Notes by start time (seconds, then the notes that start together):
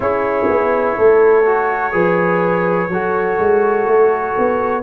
0.00 C#4 E4 G#4 C#5
0.49 B3
0.97 A3 A4
1.45 F#4
1.92 F3 G#4 B4
2.88 F#3 F#4 A4
3.39 G#3
3.86 A3
4.38 B3